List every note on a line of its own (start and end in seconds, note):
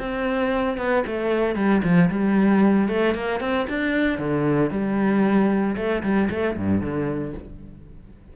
0.00 0.78 C4
0.78 1.04 B3
1.07 1.56 A3
1.56 1.82 G3
1.84 2.10 F3
2.11 2.89 G3
2.89 3.15 A3
3.15 3.41 A#3
3.41 3.67 C4
3.70 4.19 D4
4.19 4.71 D3
4.71 5.76 G3
5.77 6.03 A3
6.03 6.30 G3
6.31 6.57 A3
6.57 6.82 G2
6.82 7.34 D3